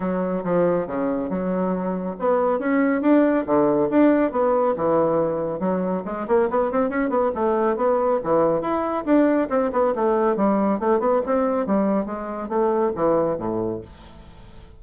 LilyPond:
\new Staff \with { instrumentName = "bassoon" } { \time 4/4 \tempo 4 = 139 fis4 f4 cis4 fis4~ | fis4 b4 cis'4 d'4 | d4 d'4 b4 e4~ | e4 fis4 gis8 ais8 b8 c'8 |
cis'8 b8 a4 b4 e4 | e'4 d'4 c'8 b8 a4 | g4 a8 b8 c'4 g4 | gis4 a4 e4 a,4 | }